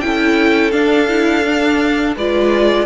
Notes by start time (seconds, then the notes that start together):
0.00 C#4 E4 A4 G5
0.71 D4 F5
1.08 E4
1.46 D4
2.16 G#3 F4 B4 D5